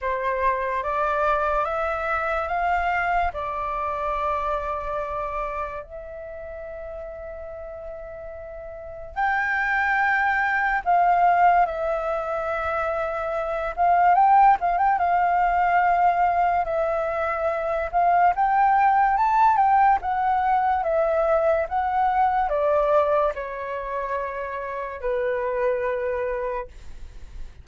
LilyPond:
\new Staff \with { instrumentName = "flute" } { \time 4/4 \tempo 4 = 72 c''4 d''4 e''4 f''4 | d''2. e''4~ | e''2. g''4~ | g''4 f''4 e''2~ |
e''8 f''8 g''8 f''16 g''16 f''2 | e''4. f''8 g''4 a''8 g''8 | fis''4 e''4 fis''4 d''4 | cis''2 b'2 | }